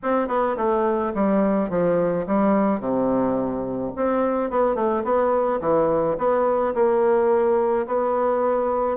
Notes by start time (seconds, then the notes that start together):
0.02 C4
0.28 B3
0.56 A3
1.14 G3
1.69 F3
2.26 G3
2.80 C3
3.96 C4
4.50 B3
4.75 A3
5.04 B3
5.60 E3
6.18 B3
6.74 A#3
7.86 B3